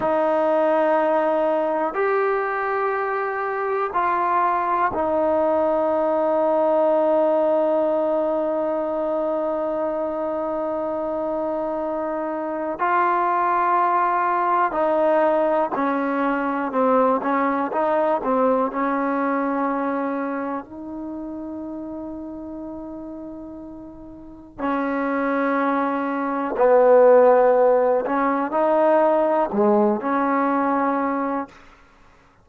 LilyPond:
\new Staff \with { instrumentName = "trombone" } { \time 4/4 \tempo 4 = 61 dis'2 g'2 | f'4 dis'2.~ | dis'1~ | dis'4 f'2 dis'4 |
cis'4 c'8 cis'8 dis'8 c'8 cis'4~ | cis'4 dis'2.~ | dis'4 cis'2 b4~ | b8 cis'8 dis'4 gis8 cis'4. | }